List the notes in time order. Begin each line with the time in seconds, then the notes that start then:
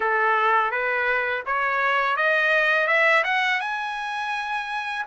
0.00 A4
0.71 B4
1.46 C#5
2.16 D#5
2.87 E5
3.24 F#5
3.60 G#5